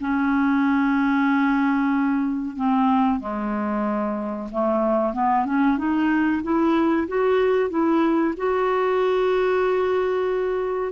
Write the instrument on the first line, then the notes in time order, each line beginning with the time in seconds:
clarinet
0.00 C#4
2.56 C4
3.20 G#3
4.51 A3
5.13 B3
5.45 C#4
5.78 D#4
6.43 E4
7.07 F#4
7.69 E4
8.37 F#4